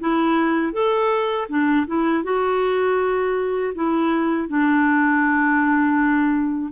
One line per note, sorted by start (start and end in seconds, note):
0.00 0.73 E4
0.73 1.48 A4
1.49 1.86 D4
1.86 2.24 E4
2.24 3.74 F#4
3.75 4.48 E4
4.48 6.72 D4